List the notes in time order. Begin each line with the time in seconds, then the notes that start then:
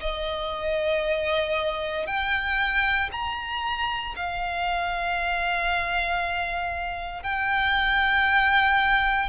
0.00 D#5
2.06 G5
3.11 A#5
4.16 F5
7.23 G5